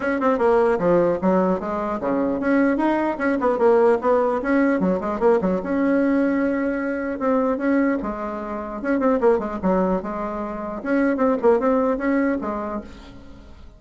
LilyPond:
\new Staff \with { instrumentName = "bassoon" } { \time 4/4 \tempo 4 = 150 cis'8 c'8 ais4 f4 fis4 | gis4 cis4 cis'4 dis'4 | cis'8 b8 ais4 b4 cis'4 | fis8 gis8 ais8 fis8 cis'2~ |
cis'2 c'4 cis'4 | gis2 cis'8 c'8 ais8 gis8 | fis4 gis2 cis'4 | c'8 ais8 c'4 cis'4 gis4 | }